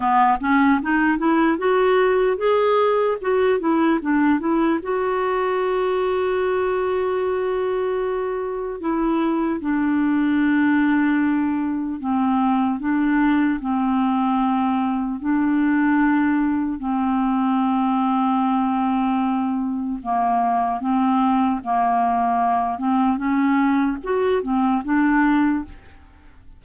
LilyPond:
\new Staff \with { instrumentName = "clarinet" } { \time 4/4 \tempo 4 = 75 b8 cis'8 dis'8 e'8 fis'4 gis'4 | fis'8 e'8 d'8 e'8 fis'2~ | fis'2. e'4 | d'2. c'4 |
d'4 c'2 d'4~ | d'4 c'2.~ | c'4 ais4 c'4 ais4~ | ais8 c'8 cis'4 fis'8 c'8 d'4 | }